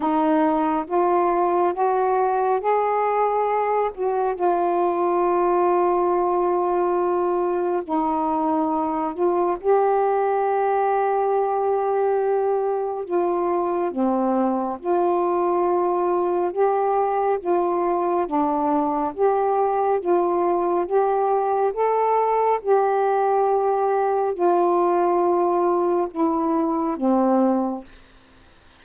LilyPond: \new Staff \with { instrumentName = "saxophone" } { \time 4/4 \tempo 4 = 69 dis'4 f'4 fis'4 gis'4~ | gis'8 fis'8 f'2.~ | f'4 dis'4. f'8 g'4~ | g'2. f'4 |
c'4 f'2 g'4 | f'4 d'4 g'4 f'4 | g'4 a'4 g'2 | f'2 e'4 c'4 | }